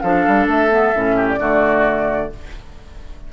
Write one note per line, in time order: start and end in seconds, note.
0.00 0.26 F3
0.00 0.70 D4
0.00 1.16 A4
0.00 0.46 F5
0.27 0.47 G3
0.47 0.92 A3
0.47 1.29 E5
0.70 0.93 B3
0.95 1.39 A2
0.95 1.38 C#4
1.16 1.39 G4
1.29 2.32 D5
1.38 2.30 D3
1.38 2.30 A3
1.38 2.31 F#4